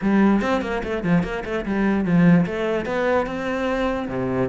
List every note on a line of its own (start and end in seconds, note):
0.01 0.41 G3
0.41 0.61 C4
0.61 0.82 A#3
0.83 1.03 A3
1.03 1.23 F3
1.23 1.43 A#3
1.45 1.65 A3
1.65 2.04 G3
2.04 2.45 F3
2.45 2.85 A3
2.85 3.26 B3
3.26 4.08 C4
4.08 4.49 C3